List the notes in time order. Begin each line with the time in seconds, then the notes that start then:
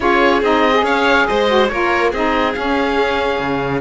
0.00 C#4 F4 G#4 C#5
0.41 C4 D#4 D#5
0.73 G#4
0.83 C#4 C#5 F5
1.27 G#3 C5 D#5
1.47 F#4
1.68 A#3 F4 A#4 C#5
2.10 C4 D#4 G#4 D#5
2.53 C#4 F5
3.39 C#3